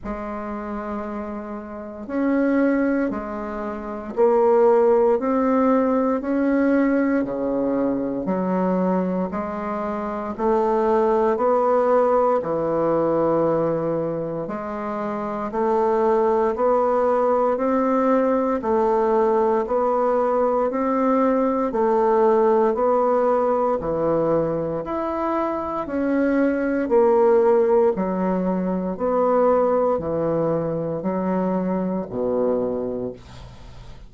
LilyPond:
\new Staff \with { instrumentName = "bassoon" } { \time 4/4 \tempo 4 = 58 gis2 cis'4 gis4 | ais4 c'4 cis'4 cis4 | fis4 gis4 a4 b4 | e2 gis4 a4 |
b4 c'4 a4 b4 | c'4 a4 b4 e4 | e'4 cis'4 ais4 fis4 | b4 e4 fis4 b,4 | }